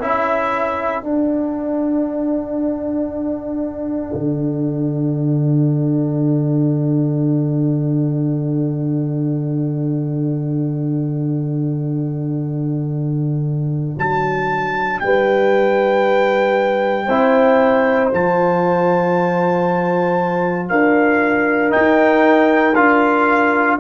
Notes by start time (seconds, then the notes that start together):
0.00 C#4 E4 A4 E5
1.03 D4 F#5
4.14 D3
13.98 F#3 A5
15.00 G3 B4 G5
17.06 C4 E4 C5
18.12 F3 F4 A5
20.69 D4 A#4 F5
21.70 D#4 G5
21.77 D#4
22.75 D4 F4 F5